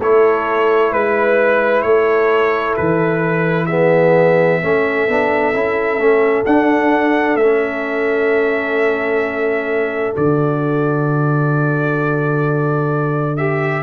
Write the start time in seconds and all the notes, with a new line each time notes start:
0.00 A3 E4 A4 C#5
0.92 G#3 B4
1.82 A3 A4 C#5
2.77 E3 B4
3.66 B3 G#4 E5
4.62 A3 C#4 A4
5.08 B3 D4
5.54 C#4 E4
5.98 A3 C#4
6.46 D4 F#5
7.36 A3 C#4 E5
10.16 D3 F#4 D5
13.37 G4 E5